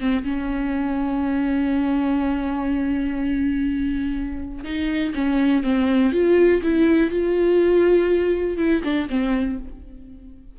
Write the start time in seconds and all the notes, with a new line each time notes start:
0.00 C4
0.24 C#4
4.64 D#4
5.15 C#4
5.64 C4
6.13 F4
6.63 E4
7.11 F4
8.58 E4
8.84 D4
9.10 C4